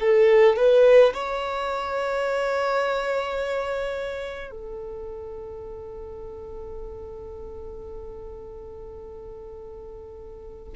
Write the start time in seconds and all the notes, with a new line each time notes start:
0.00 A4
0.57 B4
1.14 C#5
4.51 A4